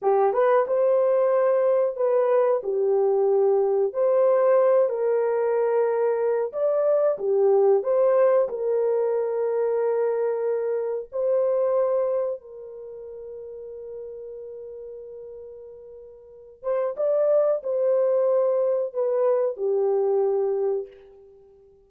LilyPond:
\new Staff \with { instrumentName = "horn" } { \time 4/4 \tempo 4 = 92 g'8 b'8 c''2 b'4 | g'2 c''4. ais'8~ | ais'2 d''4 g'4 | c''4 ais'2.~ |
ais'4 c''2 ais'4~ | ais'1~ | ais'4. c''8 d''4 c''4~ | c''4 b'4 g'2 | }